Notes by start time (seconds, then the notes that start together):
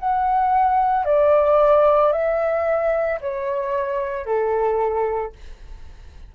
0.00 F#5
1.05 D5
2.13 E5
3.21 C#5
4.26 A4